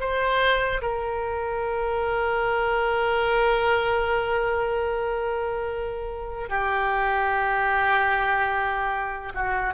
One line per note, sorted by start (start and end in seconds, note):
0.00 0.81 C5
0.81 6.49 A#4
6.49 9.33 G4
9.34 9.74 F#4